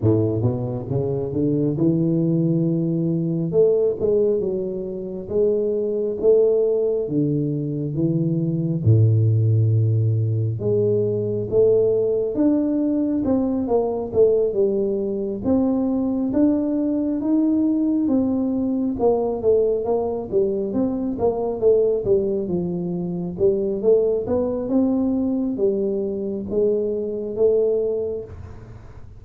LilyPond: \new Staff \with { instrumentName = "tuba" } { \time 4/4 \tempo 4 = 68 a,8 b,8 cis8 d8 e2 | a8 gis8 fis4 gis4 a4 | d4 e4 a,2 | gis4 a4 d'4 c'8 ais8 |
a8 g4 c'4 d'4 dis'8~ | dis'8 c'4 ais8 a8 ais8 g8 c'8 | ais8 a8 g8 f4 g8 a8 b8 | c'4 g4 gis4 a4 | }